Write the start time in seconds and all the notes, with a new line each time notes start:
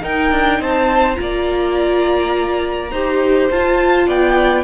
0.00 D#4 A#4 G5
0.31 D4
0.59 C4 C5 A5
1.15 A#3 F4 D5 A#5
2.91 D#4 G4 C5
3.50 F4 A5
4.06 B3 D5 G5